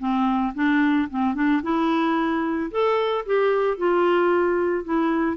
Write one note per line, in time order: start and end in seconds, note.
0.00 0.54 C4
0.55 1.09 D4
1.10 1.35 C4
1.35 1.62 D4
1.63 2.71 E4
2.71 3.25 A4
3.26 3.78 G4
3.78 4.85 F4
4.85 5.37 E4